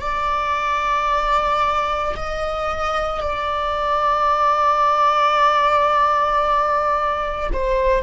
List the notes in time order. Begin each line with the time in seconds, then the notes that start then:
0.00 D5
2.16 D#5
3.21 D5
7.52 C5